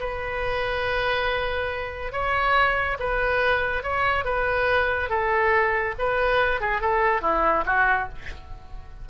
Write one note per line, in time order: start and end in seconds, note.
0.00 2.12 B4
2.12 2.97 C#5
2.99 3.83 B4
3.83 4.25 C#5
4.25 5.09 B4
5.09 5.94 A4
5.99 6.61 B4
6.61 6.81 G#4
6.81 7.22 A4
7.22 7.64 E4
7.66 8.09 F#4